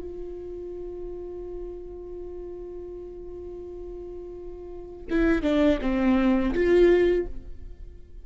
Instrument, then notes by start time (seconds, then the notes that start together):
viola
0.00 F4
5.10 E4
5.43 D4
5.81 C4
6.54 F4